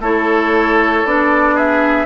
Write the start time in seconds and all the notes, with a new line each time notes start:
0.00 A3 E4 A4 C#5
1.05 B3 D4 D5
1.55 G#4 E5